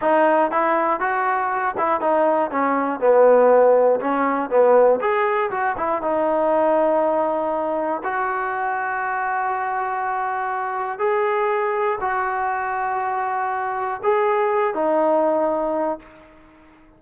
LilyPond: \new Staff \with { instrumentName = "trombone" } { \time 4/4 \tempo 4 = 120 dis'4 e'4 fis'4. e'8 | dis'4 cis'4 b2 | cis'4 b4 gis'4 fis'8 e'8 | dis'1 |
fis'1~ | fis'2 gis'2 | fis'1 | gis'4. dis'2~ dis'8 | }